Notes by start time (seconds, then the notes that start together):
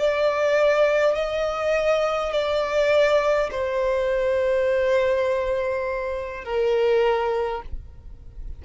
0.00 D5
1.16 D#5
2.33 D5
3.52 C5
6.45 A#4